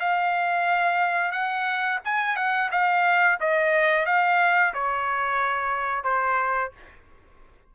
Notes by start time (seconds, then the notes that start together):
0.00 F5
1.32 F#5
2.05 G#5
2.37 F#5
2.72 F5
3.40 D#5
4.06 F5
4.74 C#5
6.04 C5